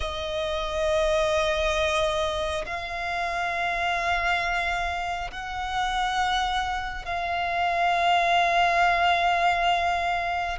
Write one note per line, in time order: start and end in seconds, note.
0.00 2.65 D#5
2.66 5.30 F5
5.31 7.05 F#5
7.05 10.58 F5